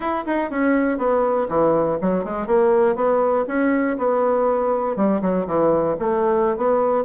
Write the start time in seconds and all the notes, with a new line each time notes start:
0.00 E4
0.26 D#4
0.50 C#4
0.98 B3
1.49 E3
2.01 F#3
2.24 G#3
2.46 A#3
2.95 B3
3.47 C#4
3.98 B3
4.96 G3
5.21 F#3
5.47 E3
5.99 A3
6.57 B3